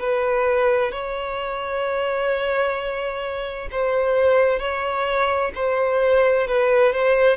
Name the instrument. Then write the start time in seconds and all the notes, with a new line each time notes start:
violin
0.00 B4
0.91 C#5
3.71 C5
4.59 C#5
5.55 C5
6.47 B4
6.93 C5